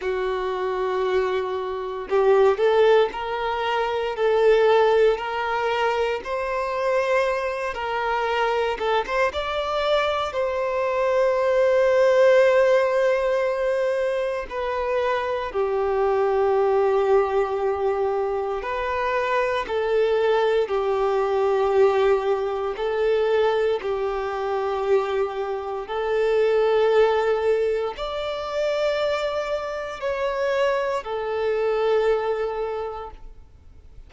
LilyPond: \new Staff \with { instrumentName = "violin" } { \time 4/4 \tempo 4 = 58 fis'2 g'8 a'8 ais'4 | a'4 ais'4 c''4. ais'8~ | ais'8 a'16 c''16 d''4 c''2~ | c''2 b'4 g'4~ |
g'2 b'4 a'4 | g'2 a'4 g'4~ | g'4 a'2 d''4~ | d''4 cis''4 a'2 | }